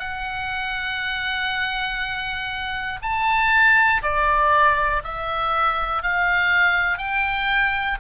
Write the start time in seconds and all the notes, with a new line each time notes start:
0.00 F#5
3.02 A5
4.03 D5
5.05 E5
6.03 F5
6.98 G5